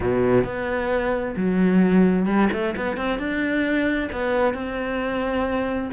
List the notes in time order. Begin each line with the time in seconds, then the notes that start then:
0.00 B2
0.44 B3
1.36 F#3
2.26 G3
2.52 A3
2.76 B3
2.96 C4
3.18 D4
4.12 B3
4.53 C4